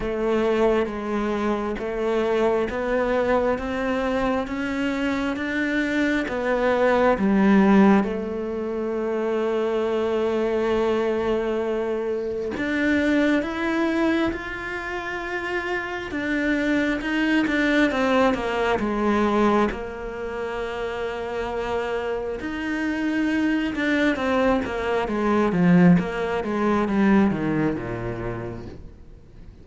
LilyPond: \new Staff \with { instrumentName = "cello" } { \time 4/4 \tempo 4 = 67 a4 gis4 a4 b4 | c'4 cis'4 d'4 b4 | g4 a2.~ | a2 d'4 e'4 |
f'2 d'4 dis'8 d'8 | c'8 ais8 gis4 ais2~ | ais4 dis'4. d'8 c'8 ais8 | gis8 f8 ais8 gis8 g8 dis8 ais,4 | }